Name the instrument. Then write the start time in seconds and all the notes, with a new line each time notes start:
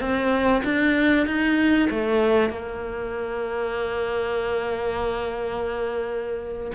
cello
0.00 C4
0.64 D4
1.26 D#4
1.90 A3
2.49 A#3